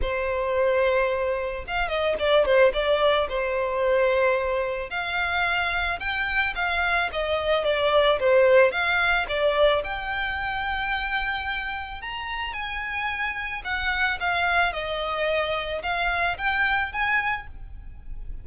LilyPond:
\new Staff \with { instrumentName = "violin" } { \time 4/4 \tempo 4 = 110 c''2. f''8 dis''8 | d''8 c''8 d''4 c''2~ | c''4 f''2 g''4 | f''4 dis''4 d''4 c''4 |
f''4 d''4 g''2~ | g''2 ais''4 gis''4~ | gis''4 fis''4 f''4 dis''4~ | dis''4 f''4 g''4 gis''4 | }